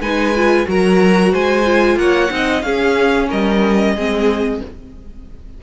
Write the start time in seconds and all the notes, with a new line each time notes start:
0.00 G#3 D#4 B4 G#5
0.35 F4
0.66 F#3 F#4 A#4 A#5
1.32 G#3 C5 G#5
1.64 F4
1.96 A#3 C#5 F#5
2.29 C4 D#4 D#5
2.61 C#4 G#4 F5
3.28 G3 A#4 D#5
3.95 G#3 C4 G#4